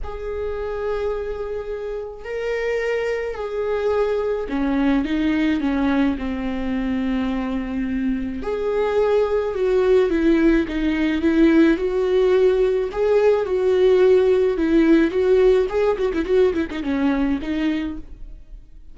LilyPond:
\new Staff \with { instrumentName = "viola" } { \time 4/4 \tempo 4 = 107 gis'1 | ais'2 gis'2 | cis'4 dis'4 cis'4 c'4~ | c'2. gis'4~ |
gis'4 fis'4 e'4 dis'4 | e'4 fis'2 gis'4 | fis'2 e'4 fis'4 | gis'8 fis'16 e'16 fis'8 e'16 dis'16 cis'4 dis'4 | }